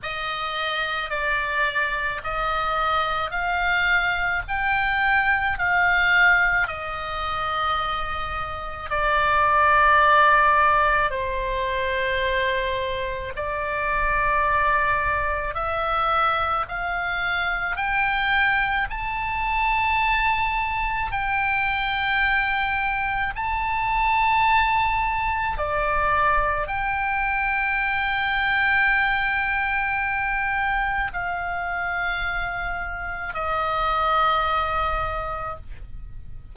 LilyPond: \new Staff \with { instrumentName = "oboe" } { \time 4/4 \tempo 4 = 54 dis''4 d''4 dis''4 f''4 | g''4 f''4 dis''2 | d''2 c''2 | d''2 e''4 f''4 |
g''4 a''2 g''4~ | g''4 a''2 d''4 | g''1 | f''2 dis''2 | }